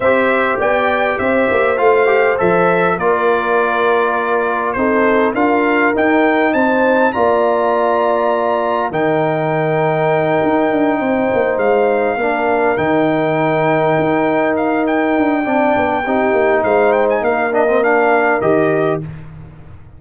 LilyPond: <<
  \new Staff \with { instrumentName = "trumpet" } { \time 4/4 \tempo 4 = 101 e''4 g''4 e''4 f''4 | e''4 d''2. | c''4 f''4 g''4 a''4 | ais''2. g''4~ |
g''2.~ g''8 f''8~ | f''4. g''2~ g''8~ | g''8 f''8 g''2. | f''8 g''16 gis''16 f''8 dis''8 f''4 dis''4 | }
  \new Staff \with { instrumentName = "horn" } { \time 4/4 c''4 d''4 c''2~ | c''4 ais'2. | a'4 ais'2 c''4 | d''2. ais'4~ |
ais'2~ ais'8 c''4.~ | c''8 ais'2.~ ais'8~ | ais'2 d''4 g'4 | c''4 ais'2. | }
  \new Staff \with { instrumentName = "trombone" } { \time 4/4 g'2. f'8 g'8 | a'4 f'2. | dis'4 f'4 dis'2 | f'2. dis'4~ |
dis'1~ | dis'8 d'4 dis'2~ dis'8~ | dis'2 d'4 dis'4~ | dis'4. d'16 c'16 d'4 g'4 | }
  \new Staff \with { instrumentName = "tuba" } { \time 4/4 c'4 b4 c'8 ais8 a4 | f4 ais2. | c'4 d'4 dis'4 c'4 | ais2. dis4~ |
dis4. dis'8 d'8 c'8 ais8 gis8~ | gis8 ais4 dis2 dis'8~ | dis'4. d'8 c'8 b8 c'8 ais8 | gis4 ais2 dis4 | }
>>